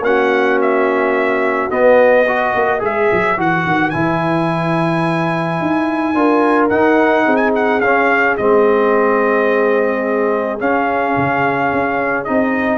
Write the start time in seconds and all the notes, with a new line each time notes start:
0.00 A#3 C#4 F#4 F#5
0.61 E5
1.70 B3 D#5
2.27 F#4 B4
2.55 A#3
2.79 G#3 G#4 E5
3.12 F#3
3.37 E3 F#4 F#5
3.66 D#3
3.90 E3 E4 G#5
5.60 D#4
6.14 D4 F4 A#4
6.69 D#4 F#5
7.25 C4 G#4
7.36 G#5
7.55 F#5
7.80 C#4 F5
8.37 G#3 C4 D#5
10.59 C#4 F5
11.16 C#3
11.72 C#4
12.24 C4 D#4 D#5